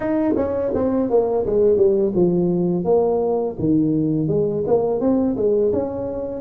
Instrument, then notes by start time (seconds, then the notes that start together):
tuba
0.00 D#4
0.36 C#4
0.74 C4
1.09 A#3
1.46 G#3
1.76 G3
2.15 F3
2.84 A#3
3.58 D#3
4.28 G#3
4.66 A#3
5.00 C4
5.36 G#3
5.72 C#4